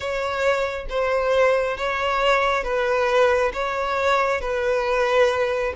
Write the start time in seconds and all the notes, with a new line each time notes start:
0.00 C#5
0.89 C5
1.77 C#5
2.63 B4
3.53 C#5
4.40 B4